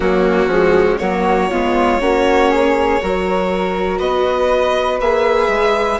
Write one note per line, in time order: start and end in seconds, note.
0.00 0.46 F#3
0.00 0.50 A#3
0.00 0.99 C#4
0.00 0.98 F#4
0.46 0.96 F3
0.46 1.00 G#3
0.98 1.51 F#3
0.98 1.50 A#3
0.98 1.49 F#4
0.98 3.98 C#5
1.50 2.00 G#3
1.50 2.00 B3
1.50 2.00 F4
2.00 3.00 A#3
2.00 3.00 C#4
2.00 2.50 F#4
2.50 3.00 G#4
3.02 4.00 F#3
3.02 5.01 F#4
3.02 3.98 A#4
3.98 5.00 B3
3.98 5.98 B4
3.98 4.98 D#5
5.00 5.48 A#3
5.00 5.99 G#4
5.00 5.99 E5
5.48 5.98 G#3